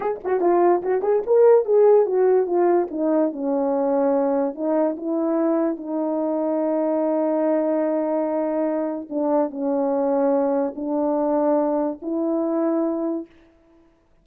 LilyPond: \new Staff \with { instrumentName = "horn" } { \time 4/4 \tempo 4 = 145 gis'8 fis'8 f'4 fis'8 gis'8 ais'4 | gis'4 fis'4 f'4 dis'4 | cis'2. dis'4 | e'2 dis'2~ |
dis'1~ | dis'2 d'4 cis'4~ | cis'2 d'2~ | d'4 e'2. | }